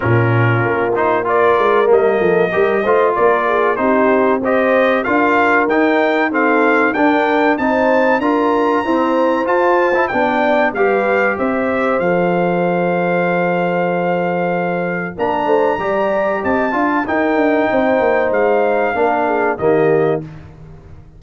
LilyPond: <<
  \new Staff \with { instrumentName = "trumpet" } { \time 4/4 \tempo 4 = 95 ais'4. c''8 d''4 dis''4~ | dis''4 d''4 c''4 dis''4 | f''4 g''4 f''4 g''4 | a''4 ais''2 a''4 |
g''4 f''4 e''4 f''4~ | f''1 | ais''2 a''4 g''4~ | g''4 f''2 dis''4 | }
  \new Staff \with { instrumentName = "horn" } { \time 4/4 f'2 ais'4. a'8 | ais'8 c''8 ais'8 gis'8 g'4 c''4 | ais'2 a'4 ais'4 | c''4 ais'4 c''2 |
d''4 b'4 c''2~ | c''1 | ais'8 c''8 d''4 dis''8 f''8 ais'4 | c''2 ais'8 gis'8 g'4 | }
  \new Staff \with { instrumentName = "trombone" } { \time 4/4 cis'4. dis'8 f'4 ais4 | g'8 f'4. dis'4 g'4 | f'4 dis'4 c'4 d'4 | dis'4 f'4 c'4 f'8. e'16 |
d'4 g'2 a'4~ | a'1 | d'4 g'4. f'8 dis'4~ | dis'2 d'4 ais4 | }
  \new Staff \with { instrumentName = "tuba" } { \time 4/4 ais,4 ais4. gis8 g8 f8 | g8 a8 ais4 c'2 | d'4 dis'2 d'4 | c'4 d'4 e'4 f'4 |
b4 g4 c'4 f4~ | f1 | ais8 a8 g4 c'8 d'8 dis'8 d'8 | c'8 ais8 gis4 ais4 dis4 | }
>>